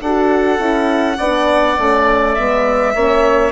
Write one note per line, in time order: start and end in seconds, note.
0.00 0.58 D4
0.00 0.59 F#4
0.00 1.17 A4
0.00 2.34 F#5
0.58 1.17 C#4
0.58 1.18 E4
1.17 1.77 B3
1.17 1.79 D4
1.17 2.93 D5
1.78 2.37 A3
1.78 2.38 C#4
2.34 2.95 G#3
2.34 2.95 B3
2.34 3.51 E5
2.95 3.52 A#3
2.95 3.52 C#4
2.95 3.52 C#5